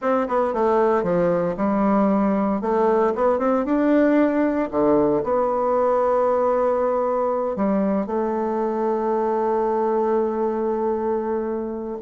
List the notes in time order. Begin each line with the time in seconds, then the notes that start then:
0.01 C4
0.28 B3
0.53 A3
1.03 F3
1.57 G3
2.61 A3
3.15 B3
3.39 C4
3.65 D4
4.70 D3
5.23 B3
7.56 G3
8.06 A3